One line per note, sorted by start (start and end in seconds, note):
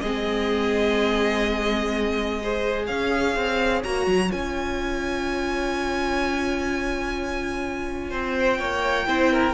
0.00 2.89 G#3
0.00 2.43 C4
0.00 2.41 G#4
0.00 2.86 D#5
2.43 3.85 G#4
2.43 2.88 C5
2.87 3.36 C#4
2.87 8.10 C#5
2.87 3.82 F5
3.36 3.84 C4
3.84 4.07 A#3
3.84 4.31 F#4
3.84 4.31 A#5
4.07 4.30 F#3
4.31 8.12 C#4
4.31 9.07 F4
4.31 8.37 G#5
8.10 8.60 C4
8.10 8.58 C5
8.40 9.54 G5
8.59 9.08 A#3
8.59 9.06 C#5
9.07 9.54 C4
9.07 9.54 E4
9.07 9.33 C5
9.33 9.54 A#4